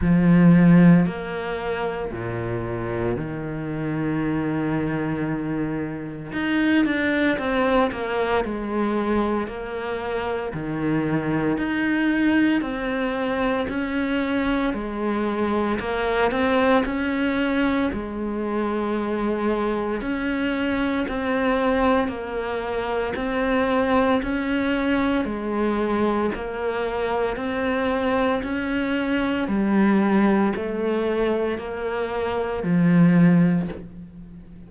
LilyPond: \new Staff \with { instrumentName = "cello" } { \time 4/4 \tempo 4 = 57 f4 ais4 ais,4 dis4~ | dis2 dis'8 d'8 c'8 ais8 | gis4 ais4 dis4 dis'4 | c'4 cis'4 gis4 ais8 c'8 |
cis'4 gis2 cis'4 | c'4 ais4 c'4 cis'4 | gis4 ais4 c'4 cis'4 | g4 a4 ais4 f4 | }